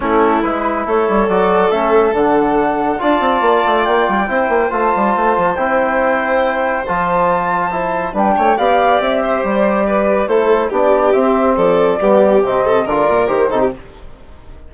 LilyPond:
<<
  \new Staff \with { instrumentName = "flute" } { \time 4/4 \tempo 4 = 140 a'4 b'4 cis''4 d''4 | e''4 fis''2 a''4~ | a''4 g''2 a''4~ | a''4 g''2. |
a''2. g''4 | f''4 e''4 d''2 | c''4 d''4 e''4 d''4~ | d''4 dis''4 d''4 c''4 | }
  \new Staff \with { instrumentName = "violin" } { \time 4/4 e'2 a'2~ | a'2. d''4~ | d''2 c''2~ | c''1~ |
c''2. b'8 cis''8 | d''4. c''4. b'4 | a'4 g'2 a'4 | g'4. a'8 ais'4. a'16 g'16 | }
  \new Staff \with { instrumentName = "trombone" } { \time 4/4 cis'4 e'2 fis'4 | cis'4 d'2 f'4~ | f'2 e'4 f'4~ | f'4 e'2. |
f'2 e'4 d'4 | g'1 | e'4 d'4 c'2 | b4 c'4 f'4 g'8 dis'8 | }
  \new Staff \with { instrumentName = "bassoon" } { \time 4/4 a4 gis4 a8 g8 fis4 | a4 d2 d'8 c'8 | ais8 a8 ais8 g8 c'8 ais8 a8 g8 | a8 f8 c'2. |
f2. g8 a8 | b4 c'4 g2 | a4 b4 c'4 f4 | g4 c4 d8 ais,8 dis8 c8 | }
>>